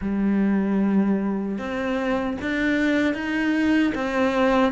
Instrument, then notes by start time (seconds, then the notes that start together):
cello
0.01 G3
1.58 C4
2.41 D4
3.14 D#4
3.94 C4